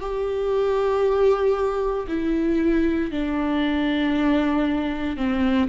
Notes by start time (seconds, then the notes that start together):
0.00 G4
2.07 E4
3.11 D4
5.17 C4